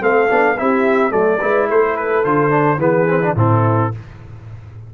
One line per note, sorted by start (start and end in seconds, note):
0.00 0.29 A3
0.00 0.28 C4
0.00 0.58 A4
0.00 0.57 F5
0.28 0.59 B3
0.28 0.56 D4
0.57 1.12 C4
0.57 1.10 E4
0.57 1.11 G4
0.57 1.11 E5
1.10 1.40 F#3
1.10 1.38 A3
1.10 1.39 A4
1.10 1.67 D5
1.40 1.70 G#3
1.40 2.24 E4
1.40 1.68 B4
1.69 2.24 A3
1.69 2.79 A4
1.69 1.96 C5
1.96 2.24 B4
2.24 2.78 D3
2.24 2.50 F4
2.24 2.80 C5
2.50 2.78 D4
2.78 3.33 E3
2.78 3.08 B3
2.78 3.34 G#4
2.78 3.36 B4
3.08 3.22 C4
3.22 3.36 D4
3.35 3.90 A2
3.35 3.92 C4
3.35 3.92 E4
3.35 3.94 A4